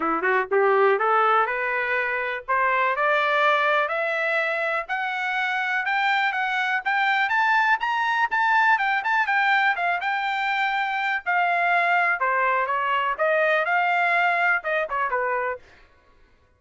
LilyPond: \new Staff \with { instrumentName = "trumpet" } { \time 4/4 \tempo 4 = 123 e'8 fis'8 g'4 a'4 b'4~ | b'4 c''4 d''2 | e''2 fis''2 | g''4 fis''4 g''4 a''4 |
ais''4 a''4 g''8 a''8 g''4 | f''8 g''2~ g''8 f''4~ | f''4 c''4 cis''4 dis''4 | f''2 dis''8 cis''8 b'4 | }